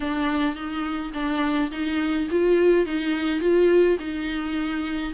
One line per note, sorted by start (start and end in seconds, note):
0.00 0.55 D4
0.55 1.12 D#4
1.13 1.70 D4
1.71 2.28 D#4
2.30 2.86 F4
2.86 3.40 D#4
3.40 3.97 F4
3.99 5.13 D#4